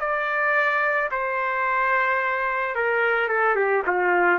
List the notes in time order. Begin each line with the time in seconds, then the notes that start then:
0.00 D5
1.12 C5
2.75 A#4
3.29 A4
3.56 G4
3.87 F4